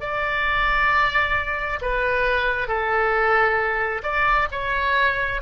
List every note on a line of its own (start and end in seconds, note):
0.00 1.79 D5
1.82 2.67 B4
2.67 4.02 A4
4.03 4.48 D5
4.51 5.41 C#5